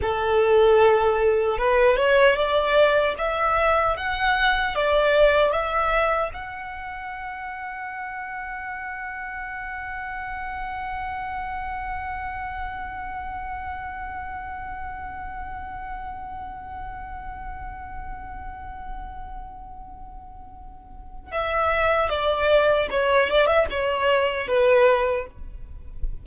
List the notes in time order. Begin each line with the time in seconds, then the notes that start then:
0.01 A4
1.58 B4
1.97 C#5
2.35 D5
3.18 E5
3.96 F#5
4.75 D5
5.51 E5
6.33 F#5
21.31 E5
22.09 D5
22.90 C#5
23.29 D5
23.47 E5
23.70 C#5
24.47 B4